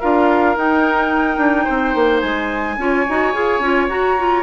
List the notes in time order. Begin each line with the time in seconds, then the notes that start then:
0.00 D4 F4 A#4 F5
0.56 D#4 G5
1.37 D4
1.64 C4 C5
1.95 A#3
2.20 G#3 G#5
2.78 C#4 F4 C#5
3.09 D#4 F#4
3.33 F4 G#4
3.60 C#4 F4
3.89 F#4 A#5
4.18 F4